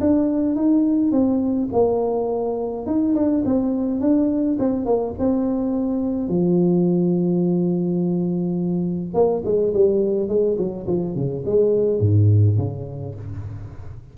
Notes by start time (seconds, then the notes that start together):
0.00 D4
0.56 D#4
1.11 C4
1.72 A#3
2.86 D#4
3.15 D4
3.45 C4
4.01 D4
4.59 C4
4.85 A#3
5.18 C4
6.28 F3
9.14 A#3
9.44 G#3
9.74 G3
10.28 G#3
10.58 F#3
10.87 F3
11.15 C#3
11.45 G#3
12.00 G#2
12.58 C#3